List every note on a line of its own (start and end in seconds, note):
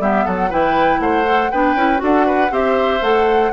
0.00 0.25 G3
0.00 0.50 B3
0.00 0.25 G4
0.00 0.27 E5
0.25 0.52 F#3
0.25 0.50 A4
0.25 0.52 F#5
0.50 1.00 E3
0.50 1.25 E4
0.50 1.00 B4
0.50 1.01 G5
1.00 1.50 A3
1.00 1.52 C5
1.00 1.51 F#5
1.25 1.51 A4
1.51 1.75 B3
1.51 1.77 D4
1.51 2.02 B4
1.51 2.01 G5
1.75 2.00 C#4
1.75 1.97 E4
1.97 2.51 D4
1.97 2.48 F#4
1.97 2.27 A4
2.04 2.54 F#5
2.27 2.52 B4
2.51 3.01 C4
2.51 3.01 G4
2.51 3.53 C5
2.51 3.04 E5
3.02 3.52 A3
3.02 3.52 A4
3.02 3.53 F#5